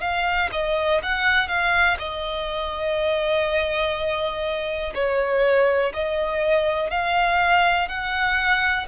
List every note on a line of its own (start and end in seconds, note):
0.00 0.49 F5
0.51 1.01 D#5
1.03 1.48 F#5
1.48 1.97 F5
1.99 4.94 D#5
4.94 5.92 C#5
5.93 6.90 D#5
6.90 7.88 F5
7.88 8.87 F#5